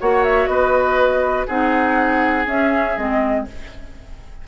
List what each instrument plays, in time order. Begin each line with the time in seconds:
0.00 bassoon A#3, clarinet F#4, oboe C#5, flute F#5
0.24 flute E5
0.46 bassoon B3, oboe B4, flute D#5
1.47 bassoon C4, clarinet D#4, oboe G#4, flute F#5
2.45 clarinet C#4, bassoon C#4, flute E5
2.97 bassoon G#3, clarinet C4, flute D#5